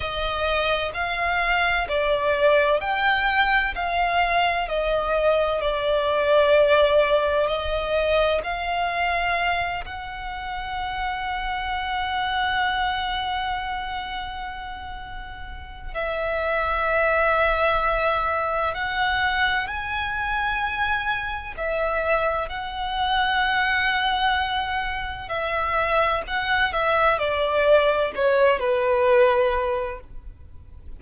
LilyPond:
\new Staff \with { instrumentName = "violin" } { \time 4/4 \tempo 4 = 64 dis''4 f''4 d''4 g''4 | f''4 dis''4 d''2 | dis''4 f''4. fis''4.~ | fis''1~ |
fis''4 e''2. | fis''4 gis''2 e''4 | fis''2. e''4 | fis''8 e''8 d''4 cis''8 b'4. | }